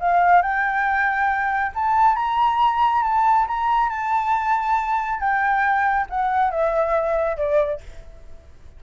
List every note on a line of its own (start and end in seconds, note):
0.00 0.42 F5
0.42 1.72 G5
1.75 2.16 A5
2.16 3.03 A#5
3.03 3.46 A5
3.47 3.89 A#5
3.89 5.19 A5
5.20 6.07 G5
6.10 6.51 F#5
6.51 7.37 E5
7.37 7.80 D5